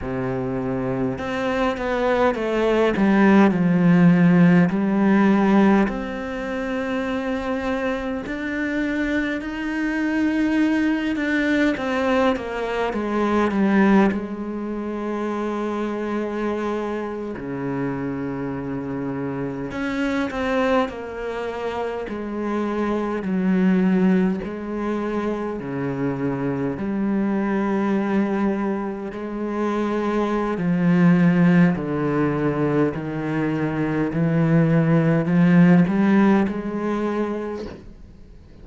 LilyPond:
\new Staff \with { instrumentName = "cello" } { \time 4/4 \tempo 4 = 51 c4 c'8 b8 a8 g8 f4 | g4 c'2 d'4 | dis'4. d'8 c'8 ais8 gis8 g8 | gis2~ gis8. cis4~ cis16~ |
cis8. cis'8 c'8 ais4 gis4 fis16~ | fis8. gis4 cis4 g4~ g16~ | g8. gis4~ gis16 f4 d4 | dis4 e4 f8 g8 gis4 | }